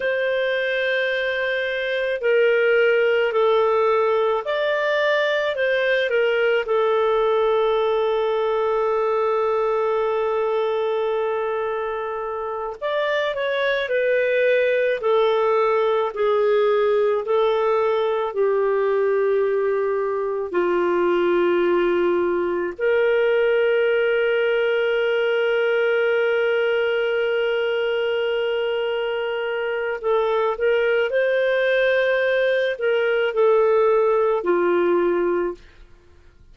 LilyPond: \new Staff \with { instrumentName = "clarinet" } { \time 4/4 \tempo 4 = 54 c''2 ais'4 a'4 | d''4 c''8 ais'8 a'2~ | a'2.~ a'8 d''8 | cis''8 b'4 a'4 gis'4 a'8~ |
a'8 g'2 f'4.~ | f'8 ais'2.~ ais'8~ | ais'2. a'8 ais'8 | c''4. ais'8 a'4 f'4 | }